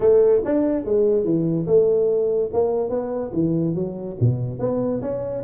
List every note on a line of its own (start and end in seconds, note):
0.00 0.41 A3
0.44 0.84 D4
0.84 1.24 G#3
1.24 1.66 E3
1.67 2.50 A3
2.53 2.89 A#3
2.89 3.31 B3
3.33 3.74 E3
3.74 4.16 F#3
4.20 4.59 B2
4.59 5.00 B3
5.01 5.43 C#4